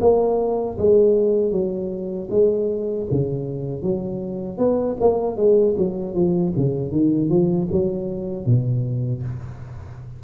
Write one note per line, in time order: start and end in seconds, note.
0.00 0.77 A#3
0.78 1.51 G#3
1.51 2.28 F#3
2.30 3.07 G#3
3.11 3.82 C#3
3.82 4.57 F#3
4.57 4.96 B3
5.00 5.36 A#3
5.36 5.75 G#3
5.77 6.14 F#3
6.14 6.53 F3
6.56 6.91 C#3
6.91 7.29 D#3
7.29 7.68 F3
7.71 8.45 F#3
8.45 9.22 B2